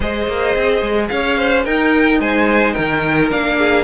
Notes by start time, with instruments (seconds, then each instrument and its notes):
0.00 cello G#3, viola G#4, violin C5 D#5
0.27 cello A#3
0.55 cello C4
0.81 cello G#3
1.08 cello C#4, violin C#5 F5
1.37 violin C5
1.64 cello D#4, viola D#4, violin A#4 G5
2.19 cello G#3, violin C5 G#5
2.73 cello D#3, violin A#4 G5
3.30 cello A#3, viola D4, violin F5
3.57 violin G#4